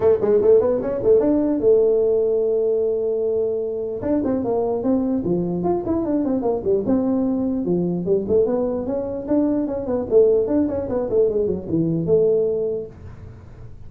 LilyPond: \new Staff \with { instrumentName = "tuba" } { \time 4/4 \tempo 4 = 149 a8 gis8 a8 b8 cis'8 a8 d'4 | a1~ | a2 d'8 c'8 ais4 | c'4 f4 f'8 e'8 d'8 c'8 |
ais8 g8 c'2 f4 | g8 a8 b4 cis'4 d'4 | cis'8 b8 a4 d'8 cis'8 b8 a8 | gis8 fis8 e4 a2 | }